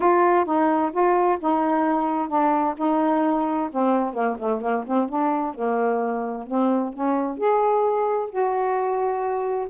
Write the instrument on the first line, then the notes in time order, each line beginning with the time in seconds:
saxophone
0.00 F4
0.45 D#4
0.92 F4
1.40 D#4
2.28 D4
2.77 D#4
3.71 C4
4.13 A#3
4.38 A3
4.61 A#3
4.87 C4
5.08 D4
5.54 A#3
6.47 C4
6.93 C#4
7.37 G#4
8.30 F#4